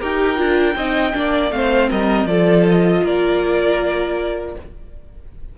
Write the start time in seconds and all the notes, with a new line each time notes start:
0.00 D#4 G4 A#4 G5
0.36 D4 F4
0.75 C4 D#4 D#5
1.13 A#3 D4 D5
1.51 A3 C4 C5 F5
1.90 G3 A#4 D#5
2.25 F3 F4 A4 D5
2.70 D#5
3.03 A#3 A#4 D5